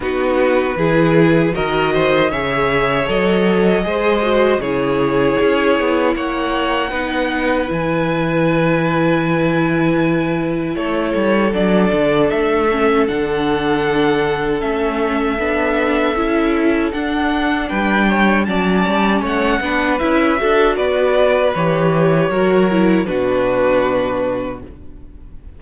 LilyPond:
<<
  \new Staff \with { instrumentName = "violin" } { \time 4/4 \tempo 4 = 78 b'2 dis''4 e''4 | dis''2 cis''2 | fis''2 gis''2~ | gis''2 cis''4 d''4 |
e''4 fis''2 e''4~ | e''2 fis''4 g''4 | a''4 fis''4 e''4 d''4 | cis''2 b'2 | }
  \new Staff \with { instrumentName = "violin" } { \time 4/4 fis'4 gis'4 ais'8 c''8 cis''4~ | cis''4 c''4 gis'2 | cis''4 b'2.~ | b'2 a'2~ |
a'1~ | a'2. b'8 cis''8 | d''4 cis''8 b'4 a'8 b'4~ | b'4 ais'4 fis'2 | }
  \new Staff \with { instrumentName = "viola" } { \time 4/4 dis'4 e'4 fis'4 gis'4 | a'4 gis'8 fis'8 e'2~ | e'4 dis'4 e'2~ | e'2. d'4~ |
d'8 cis'8 d'2 cis'4 | d'4 e'4 d'2 | cis'4. d'8 e'8 fis'4. | g'4 fis'8 e'8 d'2 | }
  \new Staff \with { instrumentName = "cello" } { \time 4/4 b4 e4 dis4 cis4 | fis4 gis4 cis4 cis'8 b8 | ais4 b4 e2~ | e2 a8 g8 fis8 d8 |
a4 d2 a4 | b4 cis'4 d'4 g4 | fis8 g8 a8 b8 cis'8 d'8 b4 | e4 fis4 b,2 | }
>>